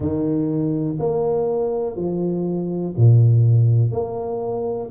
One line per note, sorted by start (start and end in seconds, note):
0.00 0.98 D#3
0.99 1.95 A#3
1.95 2.94 F3
2.96 3.91 A#2
3.91 4.90 A#3